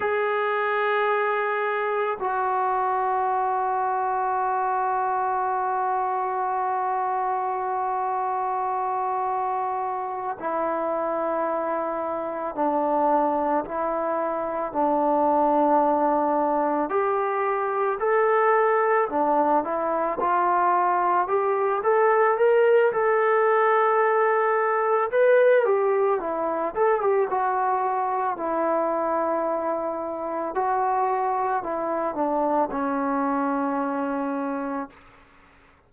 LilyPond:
\new Staff \with { instrumentName = "trombone" } { \time 4/4 \tempo 4 = 55 gis'2 fis'2~ | fis'1~ | fis'4. e'2 d'8~ | d'8 e'4 d'2 g'8~ |
g'8 a'4 d'8 e'8 f'4 g'8 | a'8 ais'8 a'2 b'8 g'8 | e'8 a'16 g'16 fis'4 e'2 | fis'4 e'8 d'8 cis'2 | }